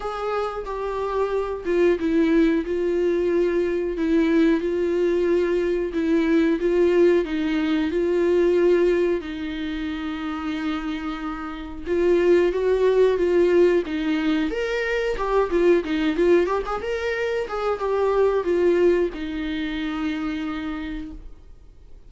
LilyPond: \new Staff \with { instrumentName = "viola" } { \time 4/4 \tempo 4 = 91 gis'4 g'4. f'8 e'4 | f'2 e'4 f'4~ | f'4 e'4 f'4 dis'4 | f'2 dis'2~ |
dis'2 f'4 fis'4 | f'4 dis'4 ais'4 g'8 f'8 | dis'8 f'8 g'16 gis'16 ais'4 gis'8 g'4 | f'4 dis'2. | }